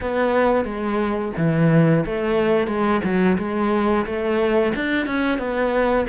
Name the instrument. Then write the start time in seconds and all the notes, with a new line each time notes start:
cello
0.00 B3
0.64 G#3
1.37 E3
2.05 A3
2.67 G#3
3.03 F#3
3.38 G#3
4.05 A3
4.75 D4
5.06 C#4
5.38 B3